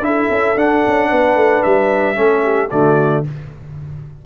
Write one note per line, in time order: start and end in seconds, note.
0.00 0.27 D4
0.00 0.56 E4
0.00 1.09 A4
0.00 0.58 E5
0.30 0.56 C#4
0.56 0.82 D4
0.56 2.15 D4
0.56 1.62 F#5
0.87 1.11 C#4
1.09 1.35 B3
1.09 2.16 B4
1.35 1.62 A3
1.62 2.17 G3
1.62 2.70 E5
2.15 2.71 A3
2.15 2.69 C#4
2.15 2.43 A4
2.43 2.70 G4
2.70 3.26 D3
2.70 3.25 A3
2.70 3.25 F#4
2.70 3.24 D5